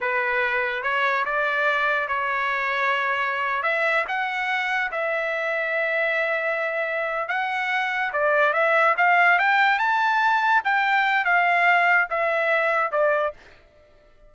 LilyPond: \new Staff \with { instrumentName = "trumpet" } { \time 4/4 \tempo 4 = 144 b'2 cis''4 d''4~ | d''4 cis''2.~ | cis''8. e''4 fis''2 e''16~ | e''1~ |
e''4. fis''2 d''8~ | d''8 e''4 f''4 g''4 a''8~ | a''4. g''4. f''4~ | f''4 e''2 d''4 | }